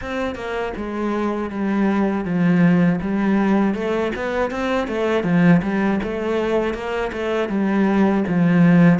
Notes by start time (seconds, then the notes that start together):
0.01 C4
0.35 A#3
0.76 G#3
1.50 G3
2.24 F3
3.01 G3
3.74 A3
4.15 B3
4.50 C4
4.88 A3
5.23 F3
5.62 G3
6.03 A3
6.73 A#3
7.12 A3
7.49 G3
8.27 F3